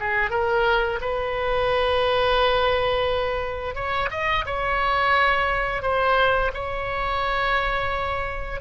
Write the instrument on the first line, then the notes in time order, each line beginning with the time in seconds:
oboe
0.00 G#4
0.31 A#4
1.01 B4
3.75 C#5
4.11 D#5
4.46 C#5
5.83 C5
6.54 C#5